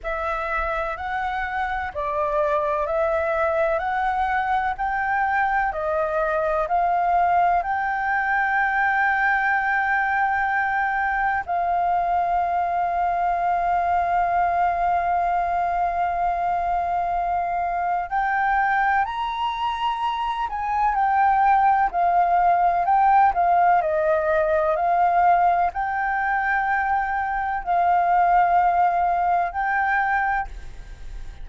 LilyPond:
\new Staff \with { instrumentName = "flute" } { \time 4/4 \tempo 4 = 63 e''4 fis''4 d''4 e''4 | fis''4 g''4 dis''4 f''4 | g''1 | f''1~ |
f''2. g''4 | ais''4. gis''8 g''4 f''4 | g''8 f''8 dis''4 f''4 g''4~ | g''4 f''2 g''4 | }